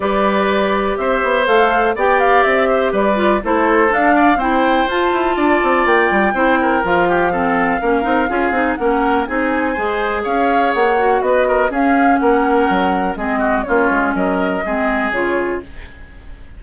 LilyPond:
<<
  \new Staff \with { instrumentName = "flute" } { \time 4/4 \tempo 4 = 123 d''2 e''4 f''4 | g''8 f''8 e''4 d''4 c''4 | f''4 g''4 a''2 | g''2 f''2~ |
f''2 fis''4 gis''4~ | gis''4 f''4 fis''4 dis''4 | f''4 fis''2 dis''4 | cis''4 dis''2 cis''4 | }
  \new Staff \with { instrumentName = "oboe" } { \time 4/4 b'2 c''2 | d''4. c''8 b'4 a'4~ | a'8 d''8 c''2 d''4~ | d''4 c''8 ais'4 g'8 a'4 |
ais'4 gis'4 ais'4 gis'4 | c''4 cis''2 b'8 ais'8 | gis'4 ais'2 gis'8 fis'8 | f'4 ais'4 gis'2 | }
  \new Staff \with { instrumentName = "clarinet" } { \time 4/4 g'2. a'4 | g'2~ g'8 f'8 e'4 | d'4 e'4 f'2~ | f'4 e'4 f'4 c'4 |
cis'8 dis'8 f'8 dis'8 cis'4 dis'4 | gis'2~ gis'8 fis'4. | cis'2. c'4 | cis'2 c'4 f'4 | }
  \new Staff \with { instrumentName = "bassoon" } { \time 4/4 g2 c'8 b8 a4 | b4 c'4 g4 a4 | d'4 c'4 f'8 e'8 d'8 c'8 | ais8 g8 c'4 f2 |
ais8 c'8 cis'8 c'8 ais4 c'4 | gis4 cis'4 ais4 b4 | cis'4 ais4 fis4 gis4 | ais8 gis8 fis4 gis4 cis4 | }
>>